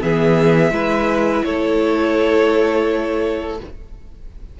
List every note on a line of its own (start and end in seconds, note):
0.00 0.71 E3
0.00 0.71 B3
0.00 0.73 G#4
0.00 1.44 E5
0.71 1.42 G#3
0.71 3.58 E4
0.71 1.45 B4
1.44 3.60 A3
1.44 3.60 A4
1.44 3.58 C#5